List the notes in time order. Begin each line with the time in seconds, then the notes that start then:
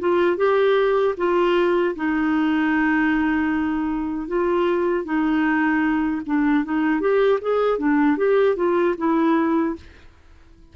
0.00 F4
0.37 G4
1.17 F4
1.96 D#4
4.28 F4
5.05 D#4
6.26 D4
6.64 D#4
7.00 G4
7.41 G#4
7.79 D4
8.17 G4
8.56 F4
8.98 E4